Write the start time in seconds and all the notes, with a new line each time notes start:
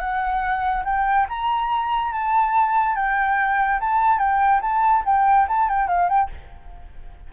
0.00 F#5
0.85 G5
1.29 A#5
2.13 A5
2.96 G5
3.80 A5
4.19 G5
4.62 A5
5.06 G5
5.49 A5
5.70 G5
5.88 F5
6.09 G5